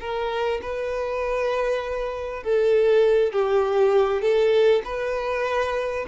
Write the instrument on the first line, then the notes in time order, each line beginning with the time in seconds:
violin
0.00 A#4
0.62 B4
2.43 A4
3.33 G4
4.22 A4
4.85 B4